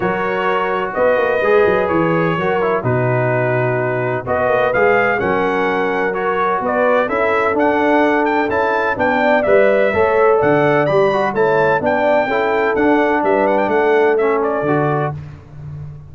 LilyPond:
<<
  \new Staff \with { instrumentName = "trumpet" } { \time 4/4 \tempo 4 = 127 cis''2 dis''2 | cis''2 b'2~ | b'4 dis''4 f''4 fis''4~ | fis''4 cis''4 d''4 e''4 |
fis''4. g''8 a''4 g''4 | e''2 fis''4 b''4 | a''4 g''2 fis''4 | e''8 fis''16 g''16 fis''4 e''8 d''4. | }
  \new Staff \with { instrumentName = "horn" } { \time 4/4 ais'2 b'2~ | b'4 ais'4 fis'2~ | fis'4 b'2 ais'4~ | ais'2 b'4 a'4~ |
a'2. d''4~ | d''4 cis''4 d''2 | cis''4 d''4 a'2 | b'4 a'2. | }
  \new Staff \with { instrumentName = "trombone" } { \time 4/4 fis'2. gis'4~ | gis'4 fis'8 e'8 dis'2~ | dis'4 fis'4 gis'4 cis'4~ | cis'4 fis'2 e'4 |
d'2 e'4 d'4 | b'4 a'2 g'8 fis'8 | e'4 d'4 e'4 d'4~ | d'2 cis'4 fis'4 | }
  \new Staff \with { instrumentName = "tuba" } { \time 4/4 fis2 b8 ais8 gis8 fis8 | e4 fis4 b,2~ | b,4 b8 ais8 gis4 fis4~ | fis2 b4 cis'4 |
d'2 cis'4 b4 | g4 a4 d4 g4 | a4 b4 cis'4 d'4 | g4 a2 d4 | }
>>